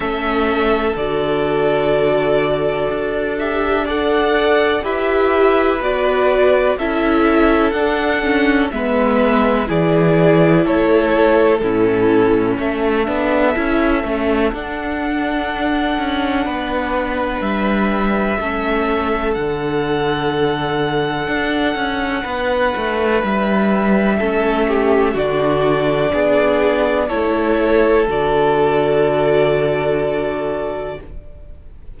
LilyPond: <<
  \new Staff \with { instrumentName = "violin" } { \time 4/4 \tempo 4 = 62 e''4 d''2~ d''8 e''8 | fis''4 e''4 d''4 e''4 | fis''4 e''4 d''4 cis''4 | a'4 e''2 fis''4~ |
fis''2 e''2 | fis''1 | e''2 d''2 | cis''4 d''2. | }
  \new Staff \with { instrumentName = "violin" } { \time 4/4 a'1 | d''4 b'2 a'4~ | a'4 b'4 gis'4 a'4 | e'4 a'2.~ |
a'4 b'2 a'4~ | a'2. b'4~ | b'4 a'8 g'8 fis'4 gis'4 | a'1 | }
  \new Staff \with { instrumentName = "viola" } { \time 4/4 cis'4 fis'2~ fis'8 g'8 | a'4 g'4 fis'4 e'4 | d'8 cis'8 b4 e'2 | cis'4. d'8 e'8 cis'8 d'4~ |
d'2. cis'4 | d'1~ | d'4 cis'4 d'2 | e'4 fis'2. | }
  \new Staff \with { instrumentName = "cello" } { \time 4/4 a4 d2 d'4~ | d'4 e'4 b4 cis'4 | d'4 gis4 e4 a4 | a,4 a8 b8 cis'8 a8 d'4~ |
d'8 cis'8 b4 g4 a4 | d2 d'8 cis'8 b8 a8 | g4 a4 d4 b4 | a4 d2. | }
>>